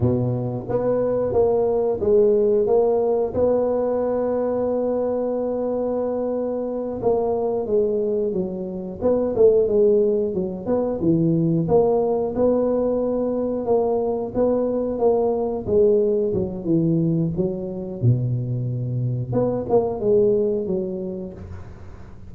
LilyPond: \new Staff \with { instrumentName = "tuba" } { \time 4/4 \tempo 4 = 90 b,4 b4 ais4 gis4 | ais4 b2.~ | b2~ b8 ais4 gis8~ | gis8 fis4 b8 a8 gis4 fis8 |
b8 e4 ais4 b4.~ | b8 ais4 b4 ais4 gis8~ | gis8 fis8 e4 fis4 b,4~ | b,4 b8 ais8 gis4 fis4 | }